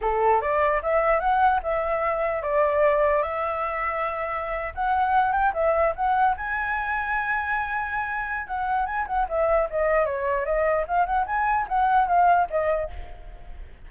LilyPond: \new Staff \with { instrumentName = "flute" } { \time 4/4 \tempo 4 = 149 a'4 d''4 e''4 fis''4 | e''2 d''2 | e''2.~ e''8. fis''16~ | fis''4~ fis''16 g''8 e''4 fis''4 gis''16~ |
gis''1~ | gis''4 fis''4 gis''8 fis''8 e''4 | dis''4 cis''4 dis''4 f''8 fis''8 | gis''4 fis''4 f''4 dis''4 | }